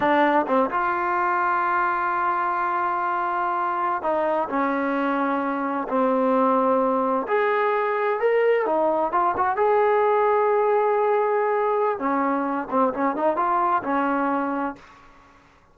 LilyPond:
\new Staff \with { instrumentName = "trombone" } { \time 4/4 \tempo 4 = 130 d'4 c'8 f'2~ f'8~ | f'1~ | f'8. dis'4 cis'2~ cis'16~ | cis'8. c'2. gis'16~ |
gis'4.~ gis'16 ais'4 dis'4 f'16~ | f'16 fis'8 gis'2.~ gis'16~ | gis'2 cis'4. c'8 | cis'8 dis'8 f'4 cis'2 | }